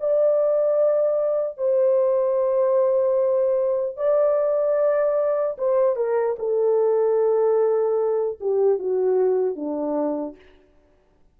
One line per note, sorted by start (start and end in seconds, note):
0.00 1.57 D5
1.57 3.97 C5
3.97 5.57 D5
5.58 5.96 C5
5.96 6.36 A#4
6.39 8.39 A4
8.40 8.79 G4
8.79 9.56 F#4
9.56 10.36 D4